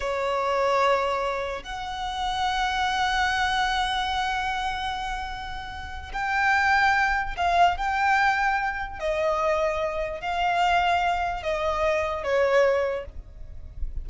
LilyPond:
\new Staff \with { instrumentName = "violin" } { \time 4/4 \tempo 4 = 147 cis''1 | fis''1~ | fis''1~ | fis''2. g''4~ |
g''2 f''4 g''4~ | g''2 dis''2~ | dis''4 f''2. | dis''2 cis''2 | }